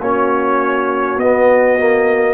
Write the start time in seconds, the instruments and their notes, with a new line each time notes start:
0.00 tuba A#3, trombone C#4, horn F#4, trumpet C#5
1.17 tuba B3, trombone B3, trumpet D#5
1.79 trombone A#3